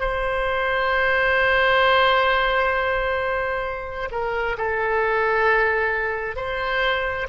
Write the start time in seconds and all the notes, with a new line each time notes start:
0.00 C5
4.11 A#4
4.58 A4
6.36 C5